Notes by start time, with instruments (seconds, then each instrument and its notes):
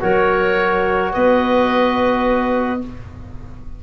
0.00 tuba F#3, trombone F#4, clarinet A#4, oboe C#5
1.12 tuba B3, clarinet B4, oboe D#5